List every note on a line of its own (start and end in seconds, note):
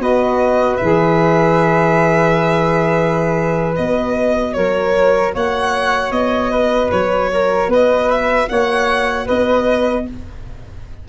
0.00 0.79 B3
0.00 0.79 F#4
0.00 4.56 B4
0.00 0.77 D#5
0.77 3.78 E3
0.77 3.75 G#4
0.77 3.73 E5
3.75 4.56 B3
3.75 10.07 F#4
3.75 4.54 D#5
4.54 5.35 F#3
4.54 5.35 A#4
4.54 5.33 C#5
5.35 6.11 A#3
5.35 6.51 C#5
5.35 6.12 F#5
6.11 6.90 B3
6.11 6.91 D#5
6.51 7.30 B4
6.92 7.68 F#3
6.92 7.71 C#5
7.33 7.70 A#4
7.68 8.47 B3
7.68 8.49 B4
7.68 8.11 D#5
8.11 8.49 E5
8.49 9.29 A#3
8.49 9.26 C#5
8.49 9.28 F#5
9.26 10.09 B3
9.26 10.05 B4
9.26 10.07 D#5